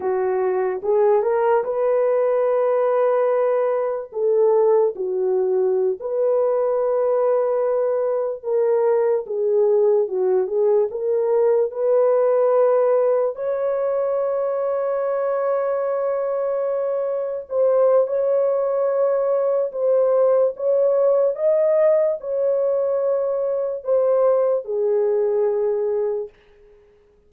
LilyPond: \new Staff \with { instrumentName = "horn" } { \time 4/4 \tempo 4 = 73 fis'4 gis'8 ais'8 b'2~ | b'4 a'4 fis'4~ fis'16 b'8.~ | b'2~ b'16 ais'4 gis'8.~ | gis'16 fis'8 gis'8 ais'4 b'4.~ b'16~ |
b'16 cis''2.~ cis''8.~ | cis''4~ cis''16 c''8. cis''2 | c''4 cis''4 dis''4 cis''4~ | cis''4 c''4 gis'2 | }